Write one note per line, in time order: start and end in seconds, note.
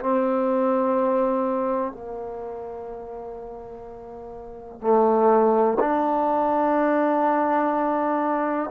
0.00 1.92 C4
1.92 4.81 A#3
4.81 5.78 A3
5.80 8.70 D4